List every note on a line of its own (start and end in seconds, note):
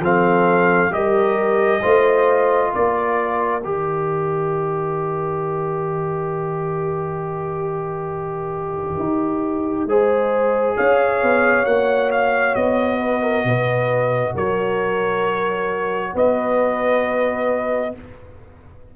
0.00 0.90 F3
0.00 0.91 C4
0.00 0.93 A4
0.00 0.93 F5
0.91 1.81 G3
0.91 1.81 G4
0.91 1.82 A#4
0.91 2.72 D#5
1.82 2.74 A3
1.82 3.62 F4
1.82 2.71 C5
2.71 3.64 A#3
2.71 9.87 A#4
2.71 3.63 D5
3.63 9.00 D#3
3.63 9.89 G4
3.63 10.77 D#5
9.00 9.86 D#4
9.86 10.75 G#3
9.86 11.66 G#4
9.86 10.77 C5
10.77 11.23 C#4
10.77 13.01 C#5
10.77 11.66 F5
11.23 11.65 B3
11.65 12.55 A#3
11.65 17.93 F#4
11.65 12.11 F#5
12.12 12.55 F5
12.55 13.45 B3
12.55 14.34 D#5
13.01 13.23 B4
13.23 13.45 A#4
13.45 14.34 B2
13.45 14.36 B4
14.35 16.14 F#3
14.35 16.15 A#4
14.35 16.16 C#5
16.15 17.94 B3
16.15 17.94 B4
16.15 17.96 D#5